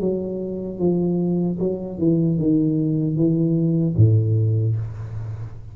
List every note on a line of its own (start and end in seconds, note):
0.00 0.79 F#3
0.79 1.58 F3
1.59 1.98 F#3
1.98 2.38 E3
2.38 3.16 D#3
3.16 3.95 E3
3.97 4.76 A2